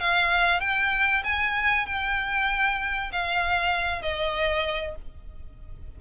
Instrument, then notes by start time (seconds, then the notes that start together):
violin
0.00 F5
0.61 G5
1.24 G#5
1.87 G5
3.12 F5
4.02 D#5